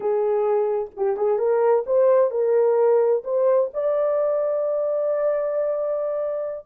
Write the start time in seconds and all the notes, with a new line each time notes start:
0.00 G#4
0.96 G4
1.16 G#4
1.38 A#4
1.86 C5
2.31 A#4
3.24 C5
3.73 D5